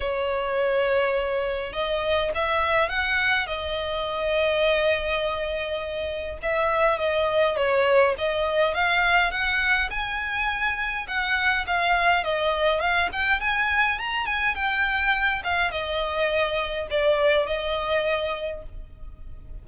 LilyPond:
\new Staff \with { instrumentName = "violin" } { \time 4/4 \tempo 4 = 103 cis''2. dis''4 | e''4 fis''4 dis''2~ | dis''2. e''4 | dis''4 cis''4 dis''4 f''4 |
fis''4 gis''2 fis''4 | f''4 dis''4 f''8 g''8 gis''4 | ais''8 gis''8 g''4. f''8 dis''4~ | dis''4 d''4 dis''2 | }